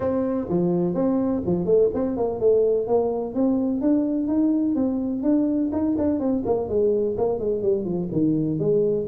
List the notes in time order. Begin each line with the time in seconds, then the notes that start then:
0.00 C4
0.48 F3
0.94 C4
1.46 F3
1.65 A3
1.94 C4
2.16 A#3
2.40 A3
2.87 A#3
3.34 C4
3.81 D4
4.27 D#4
4.75 C4
5.22 D4
5.72 D#4
5.98 D4
6.19 C4
6.45 A#3
6.69 G#3
7.17 A#3
7.39 G#3
7.62 G3
7.84 F3
8.11 D#3
8.59 G#3